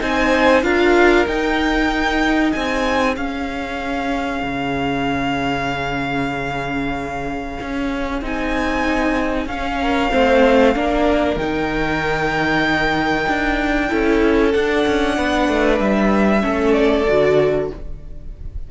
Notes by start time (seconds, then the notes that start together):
0.00 C4 D#4 C5 G#5
0.63 D4 F4 A#4 F5
1.27 D#4 G5
2.52 C4 G#4 G#5
3.16 C#4 F5
4.43 C#3
7.61 C#4
8.22 C4 D#4 G#5
9.46 C#4 F5
9.81 A#4
10.11 A3 C4 C5
10.75 A#3 D4 A#4
11.36 D#3 D#4 G5
13.28 D4
13.88 C#4 E4 A4
14.52 D4 F#5
14.86 C#4
15.17 B3 B4
15.48 A3
15.80 G3 E5
16.41 A3 C#4 A4
16.73 D5
17.08 D3 F#4